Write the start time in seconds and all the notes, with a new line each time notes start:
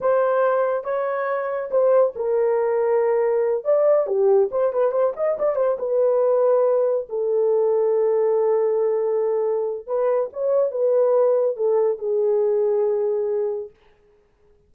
0.01 C5
0.84 C#5
1.70 C5
2.15 A#4
3.64 D5
4.07 G4
4.51 C5
4.72 B4
4.91 C5
5.16 D#5
5.38 D5
5.55 C5
5.79 B4
7.09 A4
9.86 B4
10.32 C#5
10.71 B4
11.56 A4
11.98 G#4